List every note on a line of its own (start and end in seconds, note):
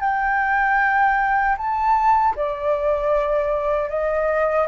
0.00 1.56 G5
1.57 2.35 A5
2.36 3.89 D5
3.89 4.67 D#5